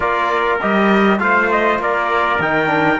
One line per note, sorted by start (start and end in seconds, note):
0.00 0.59 A#3
0.00 0.59 F4
0.00 1.20 A#4
0.00 0.59 D5
0.60 1.20 G3
0.60 1.19 G4
0.60 1.20 D#5
1.19 1.78 A3
1.19 2.39 F4
1.19 1.81 C5
1.19 1.50 F5
1.51 1.81 D#5
1.78 2.38 A#3
1.78 2.99 A#4
1.78 2.41 D5
2.39 2.99 D#3
2.39 2.66 D#4
2.39 2.99 G5
2.66 2.96 D4